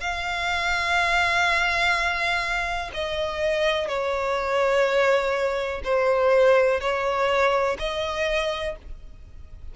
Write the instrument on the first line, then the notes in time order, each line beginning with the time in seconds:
violin
0.00 F5
2.93 D#5
3.88 C#5
5.83 C5
6.80 C#5
7.79 D#5